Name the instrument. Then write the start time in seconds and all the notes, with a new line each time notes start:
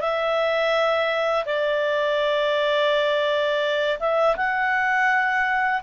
clarinet
0.00 E5
1.46 D5
4.00 E5
4.36 F#5